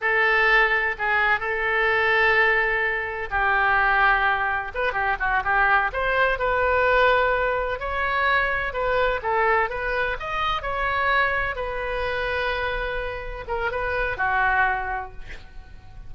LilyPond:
\new Staff \with { instrumentName = "oboe" } { \time 4/4 \tempo 4 = 127 a'2 gis'4 a'4~ | a'2. g'4~ | g'2 b'8 g'8 fis'8 g'8~ | g'8 c''4 b'2~ b'8~ |
b'8 cis''2 b'4 a'8~ | a'8 b'4 dis''4 cis''4.~ | cis''8 b'2.~ b'8~ | b'8 ais'8 b'4 fis'2 | }